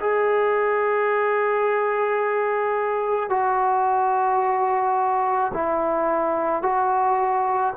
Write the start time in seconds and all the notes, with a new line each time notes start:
0.00 G#4
3.30 F#4
5.54 E4
6.63 F#4